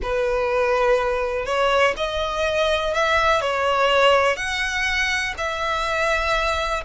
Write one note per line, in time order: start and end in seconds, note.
0.02 1.45 B4
1.45 1.94 C#5
1.96 2.94 D#5
2.94 3.41 E5
3.41 4.36 C#5
4.36 5.33 F#5
5.37 6.83 E5